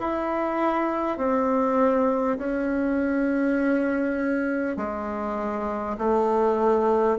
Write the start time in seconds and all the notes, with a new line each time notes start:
0.00 E4
1.18 C4
2.39 C#4
4.77 G#3
5.99 A3